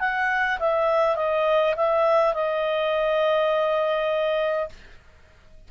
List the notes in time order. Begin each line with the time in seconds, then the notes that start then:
0.00 F#5
0.60 E5
1.17 D#5
1.76 E5
2.34 D#5